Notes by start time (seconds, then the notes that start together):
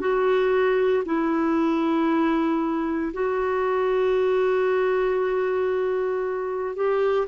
0.00 F#4
1.05 E4
3.13 F#4
6.75 G4